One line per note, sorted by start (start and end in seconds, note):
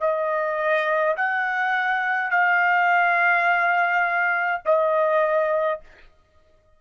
0.00 1.15 D#5
1.16 2.31 F#5
2.31 4.62 F5
4.65 5.80 D#5